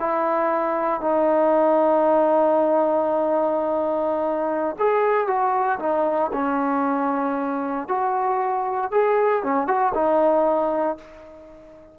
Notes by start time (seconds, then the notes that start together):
0.00 E4
1.01 D#4
4.79 G#4
5.28 F#4
5.80 D#4
6.33 C#4
7.88 F#4
8.92 G#4
9.44 C#4
9.67 F#4
9.95 D#4